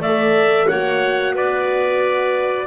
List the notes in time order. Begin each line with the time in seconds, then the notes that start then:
0.00 A3 A4 D5 E5
0.68 A#3 F#4 C#5 F#5
1.34 B3 B4 D5